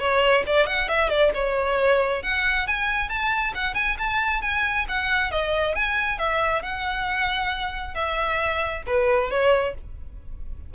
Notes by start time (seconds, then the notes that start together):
0.00 C#5
0.47 D5
0.67 F#5
0.89 E5
1.09 D5
1.35 C#5
2.23 F#5
2.68 G#5
3.09 A5
3.55 F#5
3.75 G#5
3.99 A5
4.42 G#5
4.89 F#5
5.31 D#5
5.75 G#5
6.19 E5
6.62 F#5
7.95 E5
8.86 B4
9.30 C#5